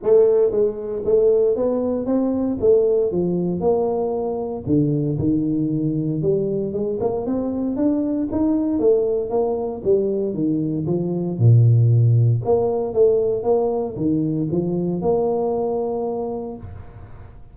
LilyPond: \new Staff \with { instrumentName = "tuba" } { \time 4/4 \tempo 4 = 116 a4 gis4 a4 b4 | c'4 a4 f4 ais4~ | ais4 d4 dis2 | g4 gis8 ais8 c'4 d'4 |
dis'4 a4 ais4 g4 | dis4 f4 ais,2 | ais4 a4 ais4 dis4 | f4 ais2. | }